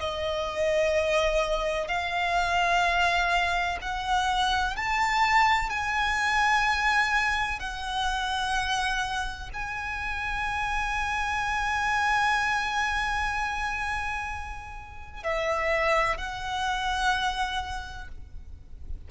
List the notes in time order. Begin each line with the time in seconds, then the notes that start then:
0.00 D#5
1.88 F5
3.82 F#5
4.77 A5
5.70 G#5
7.60 F#5
9.54 G#5
15.24 E5
16.18 F#5